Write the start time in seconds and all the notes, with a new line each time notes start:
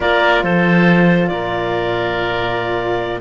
0.00 A#3 F4 A#4 D5
0.43 F3 A4 C5
1.27 A#2 A#4 D5